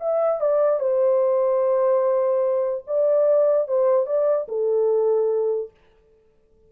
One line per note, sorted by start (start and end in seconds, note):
0.00 0.41 E5
0.41 0.80 D5
0.80 2.84 C5
2.87 3.68 D5
3.68 4.06 C5
4.06 4.47 D5
4.48 5.71 A4